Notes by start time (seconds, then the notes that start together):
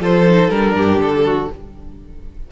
0.00 F3 F4 A4 C5
0.27 D#4
0.50 G3 D4 A#4
0.75 G2 G4
0.99 D3 A4
1.26 F#4